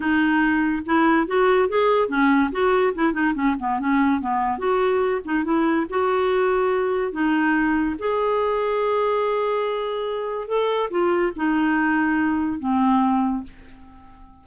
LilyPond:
\new Staff \with { instrumentName = "clarinet" } { \time 4/4 \tempo 4 = 143 dis'2 e'4 fis'4 | gis'4 cis'4 fis'4 e'8 dis'8 | cis'8 b8 cis'4 b4 fis'4~ | fis'8 dis'8 e'4 fis'2~ |
fis'4 dis'2 gis'4~ | gis'1~ | gis'4 a'4 f'4 dis'4~ | dis'2 c'2 | }